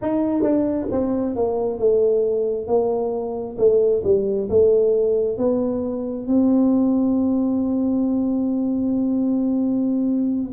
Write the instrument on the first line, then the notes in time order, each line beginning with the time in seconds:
tuba
0.01 D#4
0.42 D4
0.91 C4
1.35 A#3
1.78 A3
2.67 A#3
3.57 A3
4.04 G3
4.49 A3
5.37 B3
6.27 C4